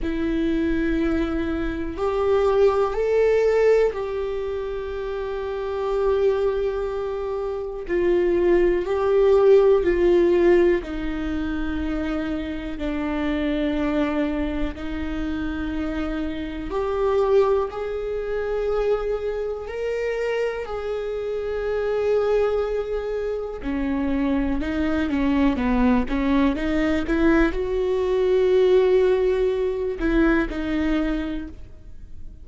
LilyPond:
\new Staff \with { instrumentName = "viola" } { \time 4/4 \tempo 4 = 61 e'2 g'4 a'4 | g'1 | f'4 g'4 f'4 dis'4~ | dis'4 d'2 dis'4~ |
dis'4 g'4 gis'2 | ais'4 gis'2. | cis'4 dis'8 cis'8 b8 cis'8 dis'8 e'8 | fis'2~ fis'8 e'8 dis'4 | }